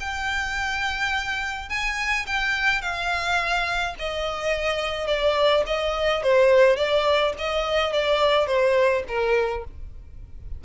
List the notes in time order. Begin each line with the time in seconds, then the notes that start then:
0.00 G5
1.69 G#5
2.26 G5
2.82 F5
3.99 D#5
5.07 D5
5.67 D#5
6.23 C5
6.76 D5
7.38 D#5
7.93 D5
8.47 C5
9.08 A#4